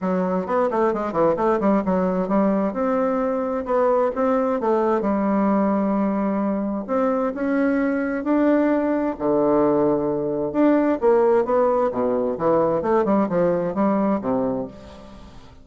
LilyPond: \new Staff \with { instrumentName = "bassoon" } { \time 4/4 \tempo 4 = 131 fis4 b8 a8 gis8 e8 a8 g8 | fis4 g4 c'2 | b4 c'4 a4 g4~ | g2. c'4 |
cis'2 d'2 | d2. d'4 | ais4 b4 b,4 e4 | a8 g8 f4 g4 c4 | }